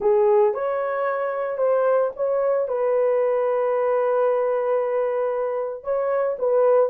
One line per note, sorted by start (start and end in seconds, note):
0.00 0.54 G#4
0.54 1.57 C#5
1.57 2.10 C5
2.16 2.68 C#5
2.68 5.83 B4
5.83 6.36 C#5
6.39 6.89 B4